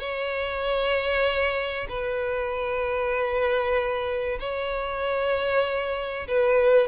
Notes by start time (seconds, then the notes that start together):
0.00 C#5
1.89 B4
4.40 C#5
6.28 B4